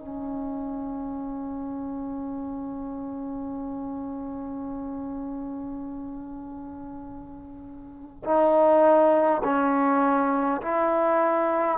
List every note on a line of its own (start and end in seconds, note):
0.00 8.24 C#4
8.25 9.43 D#4
9.44 10.61 C#4
10.62 11.79 E4